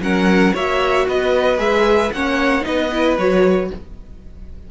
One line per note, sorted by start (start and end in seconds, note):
0.00 0.53 F#3
0.00 0.54 C#4
0.00 0.53 A#4
0.00 0.55 F#5
0.53 1.07 A#3
0.53 1.57 F#4
0.53 1.06 C#5
0.53 1.08 E5
1.08 1.58 B3
1.08 2.13 B4
1.08 1.59 D#5
1.57 2.10 G#3
1.57 2.10 G#4
1.57 2.12 E5
2.12 2.65 A#3
2.12 2.61 C#4
2.12 2.65 C#5
2.12 2.64 F#5
2.61 3.17 B3
2.61 2.87 D#4
2.61 3.70 B4
2.61 3.17 D#5
2.92 3.18 E4
3.17 3.70 F#3
3.17 3.71 F#4
3.17 3.70 C#5